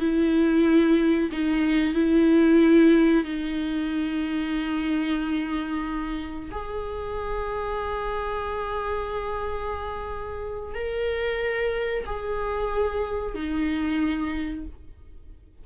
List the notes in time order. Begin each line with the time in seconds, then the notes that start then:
0.00 E4
1.32 D#4
1.95 E4
3.25 D#4
6.52 G#4
10.75 A#4
12.06 G#4
13.35 D#4